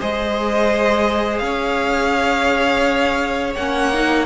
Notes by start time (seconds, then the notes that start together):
0.00 G#3 G#4 C5 D#5
1.38 C#4 C#5 F5
3.55 A#3 C#4 F#5
3.93 D#4